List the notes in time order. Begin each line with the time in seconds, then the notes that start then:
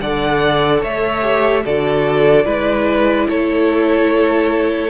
0.00 D3 A4 D5 F#5
0.81 A3 C#5 E5
1.21 G4
1.65 D3 F#4 A4 D5
2.45 G#3 E4 B4
3.29 A3 A4 C#5